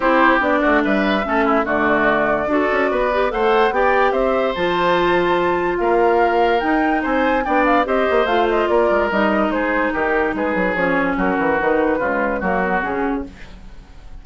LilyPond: <<
  \new Staff \with { instrumentName = "flute" } { \time 4/4 \tempo 4 = 145 c''4 d''4 e''2 | d''1 | fis''4 g''4 e''4 a''4~ | a''2 f''2 |
g''4 gis''4 g''8 f''8 dis''4 | f''8 dis''8 d''4 dis''4 c''4 | ais'4 b'4 cis''4 ais'4 | b'2 ais'4 gis'4 | }
  \new Staff \with { instrumentName = "oboe" } { \time 4/4 g'4. fis'8 b'4 a'8 e'8 | fis'2 a'4 b'4 | c''4 d''4 c''2~ | c''2 ais'2~ |
ais'4 c''4 d''4 c''4~ | c''4 ais'2 gis'4 | g'4 gis'2 fis'4~ | fis'4 f'4 fis'2 | }
  \new Staff \with { instrumentName = "clarinet" } { \time 4/4 e'4 d'2 cis'4 | a2 fis'4. g'8 | a'4 g'2 f'4~ | f'1 |
dis'2 d'4 g'4 | f'2 dis'2~ | dis'2 cis'2 | dis'4 gis4 ais8 b8 cis'4 | }
  \new Staff \with { instrumentName = "bassoon" } { \time 4/4 c'4 b8 a8 g4 a4 | d2 d'8 cis'8 b4 | a4 b4 c'4 f4~ | f2 ais2 |
dis'4 c'4 b4 c'8 ais8 | a4 ais8 gis8 g4 gis4 | dis4 gis8 fis8 f4 fis8 e8 | dis4 cis4 fis4 cis4 | }
>>